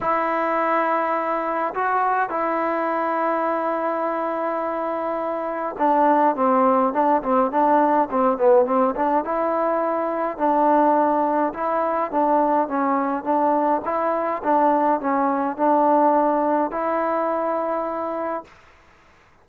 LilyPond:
\new Staff \with { instrumentName = "trombone" } { \time 4/4 \tempo 4 = 104 e'2. fis'4 | e'1~ | e'2 d'4 c'4 | d'8 c'8 d'4 c'8 b8 c'8 d'8 |
e'2 d'2 | e'4 d'4 cis'4 d'4 | e'4 d'4 cis'4 d'4~ | d'4 e'2. | }